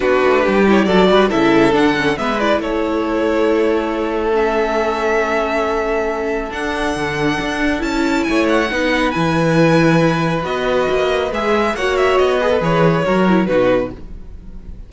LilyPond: <<
  \new Staff \with { instrumentName = "violin" } { \time 4/4 \tempo 4 = 138 b'4. cis''8 d''4 e''4 | fis''4 e''8 d''8 cis''2~ | cis''2 e''2~ | e''2. fis''4~ |
fis''2 a''4 gis''8 fis''8~ | fis''4 gis''2. | dis''2 e''4 fis''8 e''8 | dis''4 cis''2 b'4 | }
  \new Staff \with { instrumentName = "violin" } { \time 4/4 fis'4 g'4 a'8 b'8 a'4~ | a'4 b'4 a'2~ | a'1~ | a'1~ |
a'2. cis''4 | b'1~ | b'2. cis''4~ | cis''8 b'4. ais'4 fis'4 | }
  \new Staff \with { instrumentName = "viola" } { \time 4/4 d'4. e'8 fis'4 e'4 | d'8 cis'8 b8 e'2~ e'8~ | e'2 cis'2~ | cis'2. d'4~ |
d'2 e'2 | dis'4 e'2. | fis'2 gis'4 fis'4~ | fis'8 gis'16 a'16 gis'4 fis'8 e'8 dis'4 | }
  \new Staff \with { instrumentName = "cello" } { \time 4/4 b8 a8 g4 fis8 g8 cis4 | d4 gis4 a2~ | a1~ | a2. d'4 |
d4 d'4 cis'4 a4 | b4 e2. | b4 ais4 gis4 ais4 | b4 e4 fis4 b,4 | }
>>